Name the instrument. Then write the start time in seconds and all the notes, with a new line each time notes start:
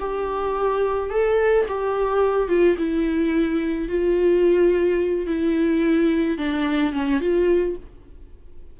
viola
0.00 G4
1.10 A4
1.68 G4
2.49 F4
2.78 E4
3.88 F4
5.27 E4
6.38 D4
6.93 C#4
7.20 F4